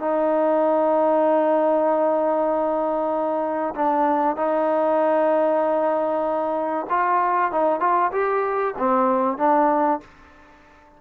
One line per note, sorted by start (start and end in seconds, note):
0.00 3.75 D#4
3.76 4.37 D4
4.37 6.87 D#4
6.90 7.52 F4
7.52 7.80 D#4
7.80 8.12 F4
8.12 8.75 G4
8.79 9.38 C4
9.38 10.01 D4